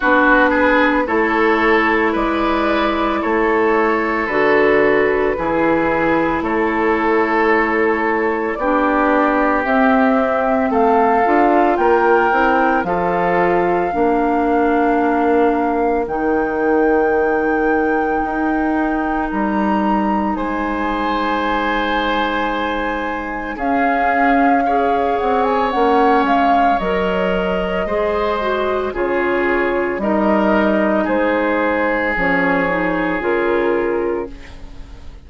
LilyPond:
<<
  \new Staff \with { instrumentName = "flute" } { \time 4/4 \tempo 4 = 56 b'4 cis''4 d''4 cis''4 | b'2 cis''2 | d''4 e''4 f''4 g''4 | f''2. g''4~ |
g''2 ais''4 gis''4~ | gis''2 f''4. fis''16 gis''16 | fis''8 f''8 dis''2 cis''4 | dis''4 c''4 cis''4 ais'4 | }
  \new Staff \with { instrumentName = "oboe" } { \time 4/4 fis'8 gis'8 a'4 b'4 a'4~ | a'4 gis'4 a'2 | g'2 a'4 ais'4 | a'4 ais'2.~ |
ais'2. c''4~ | c''2 gis'4 cis''4~ | cis''2 c''4 gis'4 | ais'4 gis'2. | }
  \new Staff \with { instrumentName = "clarinet" } { \time 4/4 d'4 e'2. | fis'4 e'2. | d'4 c'4. f'4 e'8 | f'4 d'2 dis'4~ |
dis'1~ | dis'2 cis'4 gis'4 | cis'4 ais'4 gis'8 fis'8 f'4 | dis'2 cis'8 dis'8 f'4 | }
  \new Staff \with { instrumentName = "bassoon" } { \time 4/4 b4 a4 gis4 a4 | d4 e4 a2 | b4 c'4 a8 d'8 ais8 c'8 | f4 ais2 dis4~ |
dis4 dis'4 g4 gis4~ | gis2 cis'4. c'8 | ais8 gis8 fis4 gis4 cis4 | g4 gis4 f4 cis4 | }
>>